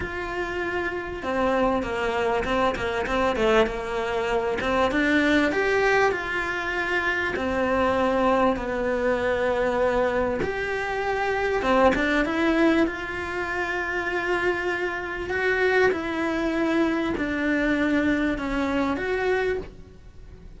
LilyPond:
\new Staff \with { instrumentName = "cello" } { \time 4/4 \tempo 4 = 98 f'2 c'4 ais4 | c'8 ais8 c'8 a8 ais4. c'8 | d'4 g'4 f'2 | c'2 b2~ |
b4 g'2 c'8 d'8 | e'4 f'2.~ | f'4 fis'4 e'2 | d'2 cis'4 fis'4 | }